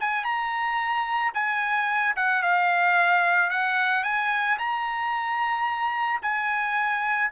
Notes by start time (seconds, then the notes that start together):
0.00 G#5
0.24 A#5
1.34 G#5
2.16 F#5
2.43 F5
3.50 F#5
4.04 G#5
4.58 A#5
6.22 G#5